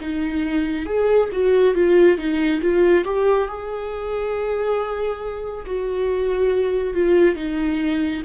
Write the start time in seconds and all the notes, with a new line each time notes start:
0.00 D#4
0.85 G#4
1.32 F#4
1.74 F4
2.17 D#4
2.61 F4
3.04 G4
3.47 G#4
5.65 F#4
6.94 F4
7.36 D#4